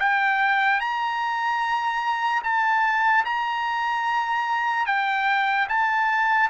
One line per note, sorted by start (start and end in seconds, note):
0.00 0.81 G5
0.81 2.43 A#5
2.44 3.25 A5
3.25 4.87 A#5
4.87 5.68 G5
5.69 6.50 A5